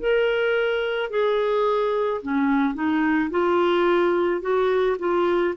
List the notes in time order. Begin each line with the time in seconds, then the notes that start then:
0.00 A#4
1.11 G#4
2.23 C#4
2.75 D#4
3.31 F4
4.41 F#4
4.99 F4